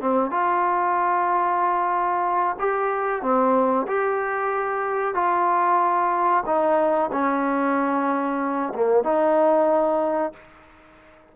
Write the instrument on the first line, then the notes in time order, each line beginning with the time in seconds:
trombone
0.00 C4
0.30 F4
2.59 G4
3.22 C4
3.87 G4
5.14 F4
6.45 D#4
7.12 C#4
8.74 A#3
9.03 D#4